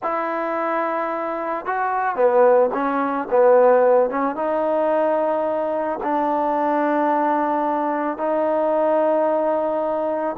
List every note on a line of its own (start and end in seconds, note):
0.02 1.65 E4
1.65 2.15 F#4
2.15 2.70 B3
2.73 3.28 C#4
3.30 4.09 B3
4.09 4.35 C#4
4.35 5.99 D#4
6.03 8.17 D4
8.17 10.36 D#4